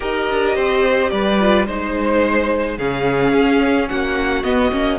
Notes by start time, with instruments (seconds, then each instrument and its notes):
0.00 cello D#4, viola G4, violin A#4 D#5
0.29 cello D4
0.55 cello C4, violin C5
1.09 cello G3, violin B4 D5
1.39 viola F4
1.66 cello G#3, viola D#4, violin C5
2.78 cello C#3, viola C#4, violin G#4 F5
3.33 cello C#4
3.88 cello A#3, violin F#4 F#5
4.43 cello B3, viola B3, violin D#5
4.71 cello A#3, viola C#4